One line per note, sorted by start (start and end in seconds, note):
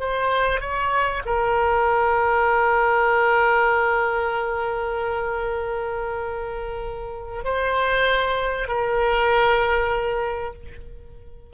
0.00 0.61 C5
0.61 1.23 C#5
1.26 7.44 A#4
7.44 8.68 C5
8.68 10.54 A#4